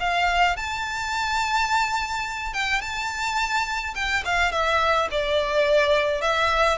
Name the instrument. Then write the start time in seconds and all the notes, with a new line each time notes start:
violin
0.00 F5
0.57 A5
2.54 G5
2.81 A5
3.95 G5
4.25 F5
4.52 E5
5.11 D5
6.21 E5